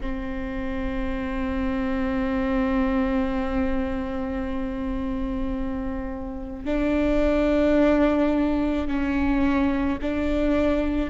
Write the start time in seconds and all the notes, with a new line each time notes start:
0.00 C4
6.65 D4
8.87 C#4
10.01 D4